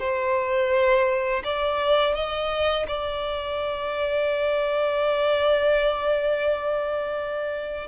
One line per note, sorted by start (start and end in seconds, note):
0.00 1.43 C5
1.44 2.15 D5
2.15 2.86 D#5
2.88 7.88 D5